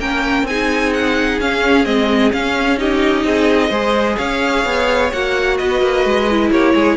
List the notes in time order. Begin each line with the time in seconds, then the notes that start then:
0.00 A#3 C#4 A#4 G5
0.43 C4 G#5
0.49 D#4 G#4
0.94 F#5
1.40 C#4 F5
1.85 G#3 C4 D#5
2.32 C#4 F5
2.78 D#4 G4 D#5
3.24 C4 G#4
3.69 G#3 G#4 C5
4.18 C#4 C#5 F5
4.65 B3
5.13 A#3 F#4 F#5
5.57 B3 B4 D#5
5.82 A#3
6.05 G#3
6.31 E4
6.50 A#3 G4 C#5
6.75 G#3 G#4